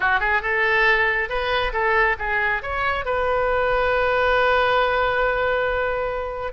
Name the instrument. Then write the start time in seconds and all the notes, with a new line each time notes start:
oboe
0.00 F#4
0.20 G#4
0.42 A4
1.29 B4
1.72 A4
2.19 G#4
2.62 C#5
3.05 B4